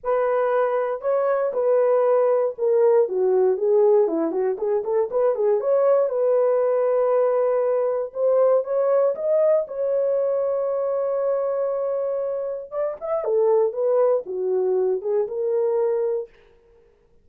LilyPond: \new Staff \with { instrumentName = "horn" } { \time 4/4 \tempo 4 = 118 b'2 cis''4 b'4~ | b'4 ais'4 fis'4 gis'4 | e'8 fis'8 gis'8 a'8 b'8 gis'8 cis''4 | b'1 |
c''4 cis''4 dis''4 cis''4~ | cis''1~ | cis''4 d''8 e''8 a'4 b'4 | fis'4. gis'8 ais'2 | }